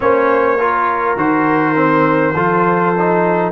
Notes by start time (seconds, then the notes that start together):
0.00 A#3 C#4 C5 C#5
0.58 F4 A#4
1.16 D#3 F#4 C5
1.75 C4
2.34 F3 F4 A4
2.98 D#4